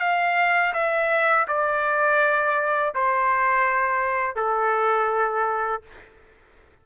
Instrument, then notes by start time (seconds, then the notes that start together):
trumpet
0.00 F5
0.74 E5
1.48 D5
2.95 C5
4.36 A4